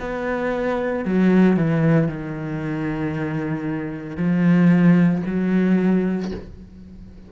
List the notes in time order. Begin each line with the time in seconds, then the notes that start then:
0.00 B3
1.05 F#3
1.56 E3
2.08 D#3
4.17 F3
5.26 F#3